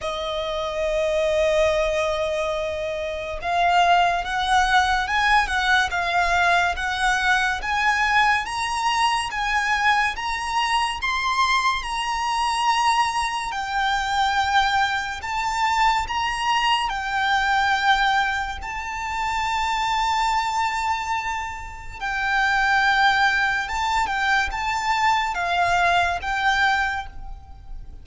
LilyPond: \new Staff \with { instrumentName = "violin" } { \time 4/4 \tempo 4 = 71 dis''1 | f''4 fis''4 gis''8 fis''8 f''4 | fis''4 gis''4 ais''4 gis''4 | ais''4 c'''4 ais''2 |
g''2 a''4 ais''4 | g''2 a''2~ | a''2 g''2 | a''8 g''8 a''4 f''4 g''4 | }